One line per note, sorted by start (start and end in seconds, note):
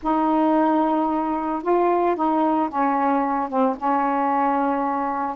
0.02 1.62 D#4
1.62 2.15 F4
2.15 2.69 D#4
2.69 3.49 C#4
3.49 3.76 C4
3.77 5.36 C#4